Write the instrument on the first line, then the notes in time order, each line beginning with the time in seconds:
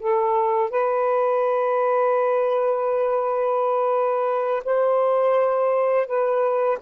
saxophone
0.00 A4
0.70 B4
4.65 C5
6.07 B4